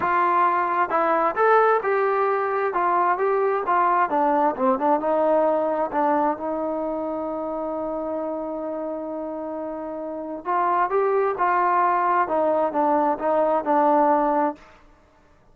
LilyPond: \new Staff \with { instrumentName = "trombone" } { \time 4/4 \tempo 4 = 132 f'2 e'4 a'4 | g'2 f'4 g'4 | f'4 d'4 c'8 d'8 dis'4~ | dis'4 d'4 dis'2~ |
dis'1~ | dis'2. f'4 | g'4 f'2 dis'4 | d'4 dis'4 d'2 | }